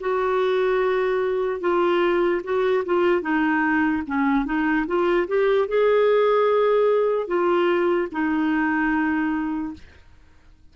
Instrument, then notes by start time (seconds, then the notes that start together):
clarinet
0.00 F#4
1.60 F4
2.43 F#4
2.85 F4
3.22 D#4
4.07 C#4
4.45 D#4
4.87 F4
5.28 G4
5.68 G#4
7.27 F4
8.12 D#4